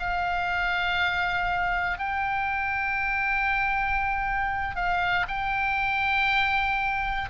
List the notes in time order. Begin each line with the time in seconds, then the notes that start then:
0.00 F5
1.99 G5
4.76 F5
5.28 G5